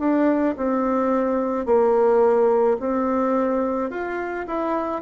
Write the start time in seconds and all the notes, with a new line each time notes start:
0.00 D4
0.57 C4
1.66 A#3
2.80 C4
3.90 F4
4.47 E4